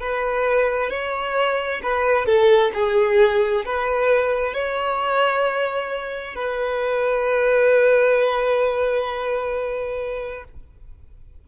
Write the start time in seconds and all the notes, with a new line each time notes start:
0.00 B4
0.90 C#5
1.83 B4
2.26 A4
2.74 G#4
3.65 B4
4.53 C#5
6.35 B4